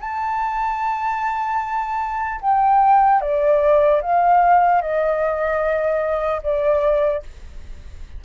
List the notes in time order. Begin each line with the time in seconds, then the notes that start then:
0.00 A5
2.41 G5
3.21 D5
4.01 F5
4.81 D#5
6.43 D5